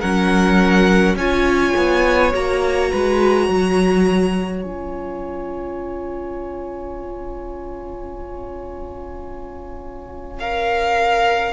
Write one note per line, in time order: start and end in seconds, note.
0.00 1.15 F#3
0.00 1.17 C#4
0.00 1.15 A#4
0.00 1.16 F#5
1.15 1.73 C#4
1.15 2.32 F4
1.15 2.91 C#5
1.15 2.33 G#5
1.76 2.34 B3
2.32 2.92 A#3
2.32 4.63 F#4
2.32 4.62 A#5
2.91 3.48 G#3
2.91 3.47 B4
3.47 4.64 F#3
3.47 11.53 C#5
4.62 11.53 C#4
4.62 10.40 F4
4.62 10.39 G#5
10.39 11.53 A#4
10.39 11.53 F5